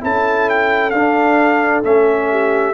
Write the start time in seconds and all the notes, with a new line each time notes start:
0.00 C#4 E4 A4 A5
0.49 G5
0.90 D4 F5
0.97 D4
1.83 A3 C#4 E5
2.30 G4